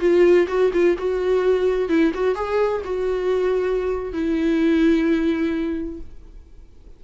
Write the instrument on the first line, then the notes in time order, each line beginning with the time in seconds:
viola
0.00 F4
0.48 F#4
0.73 F4
0.98 F#4
1.89 E4
2.14 F#4
2.35 G#4
2.84 F#4
4.12 E4